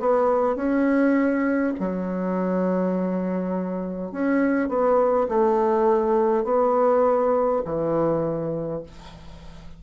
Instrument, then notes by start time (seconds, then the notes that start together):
bassoon
0.00 B3
0.56 C#4
1.80 F#3
4.12 C#4
4.69 B3
5.29 A3
6.44 B3
7.65 E3